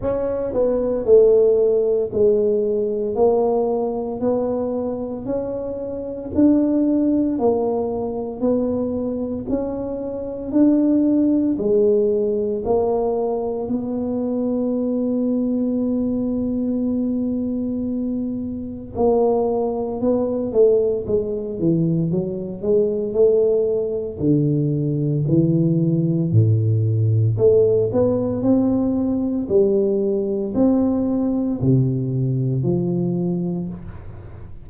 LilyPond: \new Staff \with { instrumentName = "tuba" } { \time 4/4 \tempo 4 = 57 cis'8 b8 a4 gis4 ais4 | b4 cis'4 d'4 ais4 | b4 cis'4 d'4 gis4 | ais4 b2.~ |
b2 ais4 b8 a8 | gis8 e8 fis8 gis8 a4 d4 | e4 a,4 a8 b8 c'4 | g4 c'4 c4 f4 | }